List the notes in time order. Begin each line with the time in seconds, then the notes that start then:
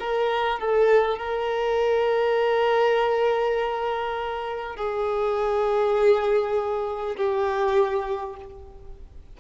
0.00 A#4
0.60 A4
1.19 A#4
4.77 G#4
7.17 G4